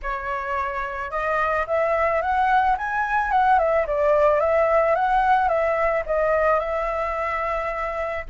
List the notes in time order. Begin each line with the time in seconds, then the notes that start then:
0.02 C#5
1.10 D#5
1.66 E5
2.21 F#5
2.77 G#5
3.31 F#5
3.58 E5
3.86 D5
4.40 E5
4.95 F#5
5.48 E5
6.06 D#5
6.59 E5